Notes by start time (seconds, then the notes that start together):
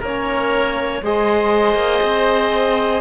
0.00 A#3 C#4 A#4 C#5
1.02 G#3 G#4 C5 D#5
1.75 A#3
2.03 C4